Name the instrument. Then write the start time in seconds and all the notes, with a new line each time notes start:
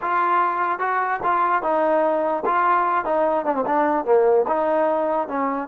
trombone
0.01 F4
0.79 F#4
1.23 F4
1.62 D#4
2.45 F4
3.05 D#4
3.45 D4
3.54 C4
3.65 D4
4.05 A#3
4.47 D#4
5.28 C#4